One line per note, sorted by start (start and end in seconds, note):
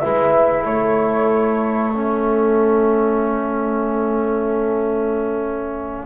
0.00 0.65 G#3
0.00 1.94 E4
0.00 0.65 B4
0.00 0.64 E5
0.65 6.06 A3
0.65 6.06 A4
0.65 1.93 C#5
1.94 6.06 C#4
1.94 6.06 E5